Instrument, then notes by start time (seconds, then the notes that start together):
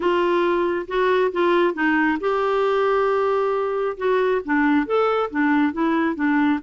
clarinet
0.00 F4
0.87 F#4
1.32 F4
1.74 D#4
2.20 G4
3.97 F#4
4.44 D4
4.86 A4
5.30 D4
5.72 E4
6.15 D4